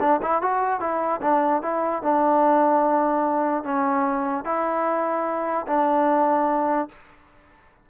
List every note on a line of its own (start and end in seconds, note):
0.00 0.20 D4
0.22 0.42 E4
0.42 0.80 F#4
0.80 1.21 E4
1.21 1.62 D4
1.62 2.02 E4
2.02 3.63 D4
3.63 4.44 C#4
4.44 5.66 E4
5.67 6.88 D4